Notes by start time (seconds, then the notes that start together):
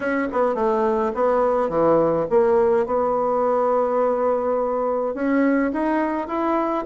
0.00 C#4
0.32 B3
0.54 A3
1.14 B3
1.69 E3
2.30 A#3
2.85 B3
5.14 C#4
5.72 D#4
6.27 E4